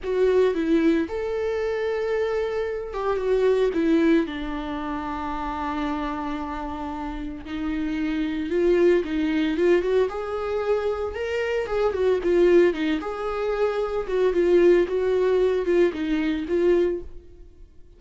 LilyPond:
\new Staff \with { instrumentName = "viola" } { \time 4/4 \tempo 4 = 113 fis'4 e'4 a'2~ | a'4. g'8 fis'4 e'4 | d'1~ | d'2 dis'2 |
f'4 dis'4 f'8 fis'8 gis'4~ | gis'4 ais'4 gis'8 fis'8 f'4 | dis'8 gis'2 fis'8 f'4 | fis'4. f'8 dis'4 f'4 | }